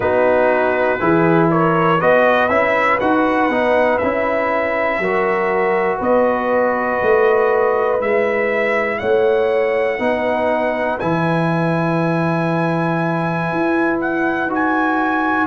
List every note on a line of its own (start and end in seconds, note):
0.00 1.00 B3
0.00 0.99 D#4
0.00 1.00 F#4
0.00 1.48 B4
0.99 2.01 E3
0.99 1.99 E4
0.99 1.50 G#4
1.50 2.00 A#4
1.50 2.00 C#5
2.00 2.49 B3
2.00 2.49 F#4
2.00 5.00 B4
2.00 2.48 D#5
2.48 2.99 C#4
2.48 2.99 E4
2.48 2.98 E5
3.00 3.49 D#4
3.00 3.50 F#4
3.00 3.98 F#5
3.49 3.99 B3
3.49 4.01 D#4
3.98 4.99 C#4
3.98 5.02 E4
3.98 5.97 E5
4.99 5.99 F#3
4.99 7.99 F#4
4.99 5.98 A#4
5.98 7.00 B3
5.98 8.98 B4
5.98 8.01 D#5
7.01 8.00 A3
7.99 9.00 G#3
7.99 9.99 E4
7.99 8.98 E5
8.98 9.99 A3
8.98 9.99 C#5
8.98 10.98 F#5
9.99 10.99 B3
9.99 10.99 D#4
9.99 15.46 B4
10.99 13.51 E3
10.99 14.49 E4
10.99 13.99 G#5
13.51 14.46 E4
14.00 14.50 F#5
14.46 15.46 D#4
14.46 15.46 F#4
14.54 15.46 G#5